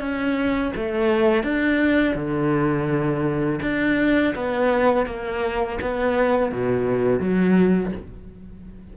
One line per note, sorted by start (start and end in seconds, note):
0.00 0.72 C#4
0.76 1.44 A3
1.44 2.15 D4
2.15 3.60 D3
3.62 4.34 D4
4.35 5.07 B3
5.07 5.79 A#3
5.82 6.52 B3
6.52 7.20 B2
7.20 7.92 F#3